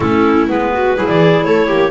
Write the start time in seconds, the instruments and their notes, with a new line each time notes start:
0.00 double bass A3, clarinet C#4 A4, viola E4
0.48 double bass G#3, clarinet B3 B4
0.73 viola F#4
0.96 double bass F#3, clarinet E4, viola G#4
1.08 double bass E3, clarinet D5
1.44 double bass A3, viola A4, clarinet C#5
1.67 double bass A#3, viola G4